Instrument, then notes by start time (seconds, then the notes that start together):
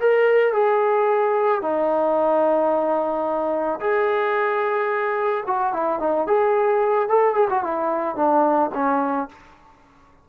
trombone
0.00 A#4
0.53 G#4
1.62 D#4
3.80 G#4
5.47 F#4
5.73 E4
6.00 D#4
6.27 G#4
7.09 A4
7.35 G#4
7.50 F#4
7.63 E4
8.16 D4
8.74 C#4